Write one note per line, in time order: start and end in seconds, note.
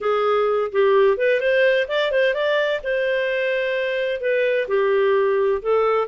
0.01 0.71 G#4
0.72 1.17 G4
1.17 1.40 B4
1.40 1.87 C5
1.87 2.11 D5
2.11 2.34 C5
2.34 2.80 D5
2.83 4.20 C5
4.20 4.67 B4
4.67 5.61 G4
5.61 6.07 A4